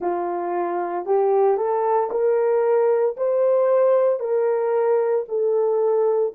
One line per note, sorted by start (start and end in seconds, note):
0.00 1.05 F4
1.05 1.57 G4
1.57 2.10 A4
2.11 3.16 A#4
3.16 4.19 C5
4.19 5.24 A#4
5.28 6.33 A4